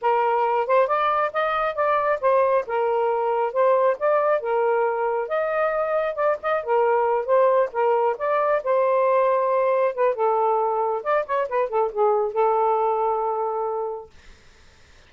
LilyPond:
\new Staff \with { instrumentName = "saxophone" } { \time 4/4 \tempo 4 = 136 ais'4. c''8 d''4 dis''4 | d''4 c''4 ais'2 | c''4 d''4 ais'2 | dis''2 d''8 dis''8 ais'4~ |
ais'8 c''4 ais'4 d''4 c''8~ | c''2~ c''8 b'8 a'4~ | a'4 d''8 cis''8 b'8 a'8 gis'4 | a'1 | }